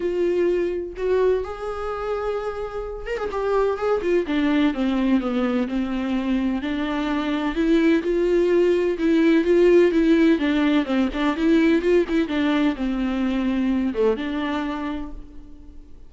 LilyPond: \new Staff \with { instrumentName = "viola" } { \time 4/4 \tempo 4 = 127 f'2 fis'4 gis'4~ | gis'2~ gis'8 ais'16 gis'16 g'4 | gis'8 f'8 d'4 c'4 b4 | c'2 d'2 |
e'4 f'2 e'4 | f'4 e'4 d'4 c'8 d'8 | e'4 f'8 e'8 d'4 c'4~ | c'4. a8 d'2 | }